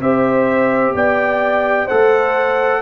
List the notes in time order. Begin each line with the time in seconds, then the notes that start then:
0.00 C4 G4 C5 E5
0.94 B3 D5 G5
1.86 A3 A4 C5 F#5